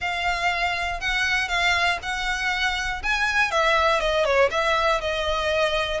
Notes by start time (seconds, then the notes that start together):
0.00 F5
1.00 F#5
1.48 F5
2.02 F#5
3.02 G#5
3.51 E5
4.00 D#5
4.24 C#5
4.50 E5
5.00 D#5